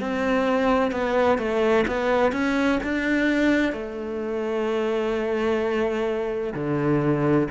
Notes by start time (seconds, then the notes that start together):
0.00 C4
0.91 B3
1.38 A3
1.87 B3
2.32 C#4
2.83 D4
3.72 A3
6.54 D3